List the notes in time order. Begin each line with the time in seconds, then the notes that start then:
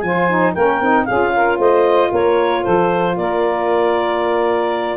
0.00 F3 F4 C5 G#5
0.29 D#4
0.52 A#3 C#4 A#4 G5
0.80 C4 D#4
1.05 C#4 F4 G#4 F5
1.35 A#4
1.58 A3 C5 D#5
2.12 A#3 A#4 C#5
2.62 F3 A4 C5
3.17 A#3 A#4 D5